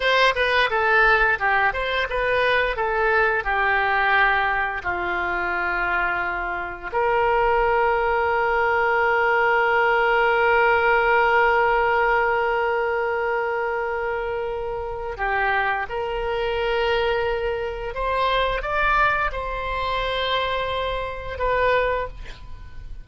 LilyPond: \new Staff \with { instrumentName = "oboe" } { \time 4/4 \tempo 4 = 87 c''8 b'8 a'4 g'8 c''8 b'4 | a'4 g'2 f'4~ | f'2 ais'2~ | ais'1~ |
ais'1~ | ais'2 g'4 ais'4~ | ais'2 c''4 d''4 | c''2. b'4 | }